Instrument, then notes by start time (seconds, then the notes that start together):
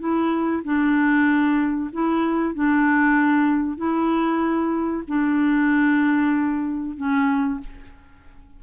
clarinet
0.00 E4
0.65 D4
1.93 E4
2.55 D4
3.78 E4
5.08 D4
6.97 C#4